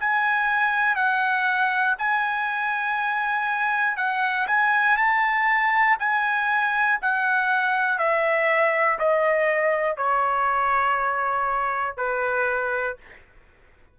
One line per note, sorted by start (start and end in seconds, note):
0.00 0.96 G#5
0.96 1.96 F#5
1.99 3.97 G#5
3.97 4.47 F#5
4.47 4.97 G#5
4.98 5.98 A5
5.99 6.99 G#5
7.02 7.99 F#5
7.99 8.99 E5
8.99 9.97 D#5
9.97 11.97 C#5
11.97 12.97 B4